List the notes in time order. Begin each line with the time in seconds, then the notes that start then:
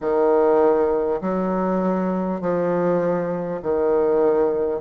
0.01 D#3
1.21 F#3
2.41 F3
3.62 D#3